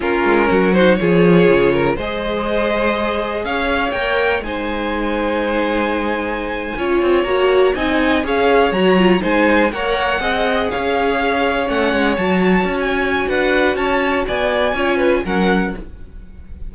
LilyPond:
<<
  \new Staff \with { instrumentName = "violin" } { \time 4/4 \tempo 4 = 122 ais'4. c''8 cis''2 | dis''2. f''4 | g''4 gis''2.~ | gis''2~ gis''8. ais''4 gis''16~ |
gis''8. f''4 ais''4 gis''4 fis''16~ | fis''4.~ fis''16 f''2 fis''16~ | fis''8. a''4~ a''16 gis''4 fis''4 | a''4 gis''2 fis''4 | }
  \new Staff \with { instrumentName = "violin" } { \time 4/4 f'4 fis'4 gis'4. ais'8 | c''2. cis''4~ | cis''4 c''2.~ | c''4.~ c''16 cis''2 dis''16~ |
dis''8. cis''2 c''4 cis''16~ | cis''8. dis''4 cis''2~ cis''16~ | cis''2. b'4 | cis''4 d''4 cis''8 b'8 ais'4 | }
  \new Staff \with { instrumentName = "viola" } { \time 4/4 cis'4. dis'8 f'2 | gis'1 | ais'4 dis'2.~ | dis'4.~ dis'16 f'4 fis'4 dis'16~ |
dis'8. gis'4 fis'8 f'8 dis'4 ais'16~ | ais'8. gis'2. cis'16~ | cis'8. fis'2.~ fis'16~ | fis'2 f'4 cis'4 | }
  \new Staff \with { instrumentName = "cello" } { \time 4/4 ais8 gis8 fis4 f4 cis4 | gis2. cis'4 | ais4 gis2.~ | gis4.~ gis16 cis'8 c'8 ais4 c'16~ |
c'8. cis'4 fis4 gis4 ais16~ | ais8. c'4 cis'2 a16~ | a16 gis8 fis4 cis'4~ cis'16 d'4 | cis'4 b4 cis'4 fis4 | }
>>